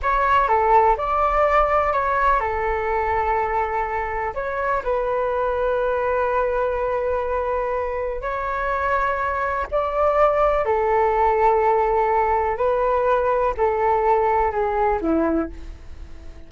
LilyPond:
\new Staff \with { instrumentName = "flute" } { \time 4/4 \tempo 4 = 124 cis''4 a'4 d''2 | cis''4 a'2.~ | a'4 cis''4 b'2~ | b'1~ |
b'4 cis''2. | d''2 a'2~ | a'2 b'2 | a'2 gis'4 e'4 | }